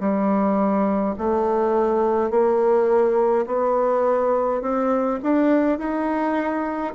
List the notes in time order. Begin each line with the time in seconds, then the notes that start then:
0.00 G3
1.18 A3
2.31 A#3
3.47 B3
4.62 C4
5.23 D4
5.78 D#4